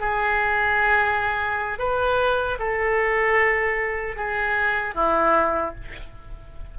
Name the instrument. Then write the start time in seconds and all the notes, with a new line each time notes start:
oboe
0.00 G#4
1.78 B4
2.59 A4
4.16 G#4
4.94 E4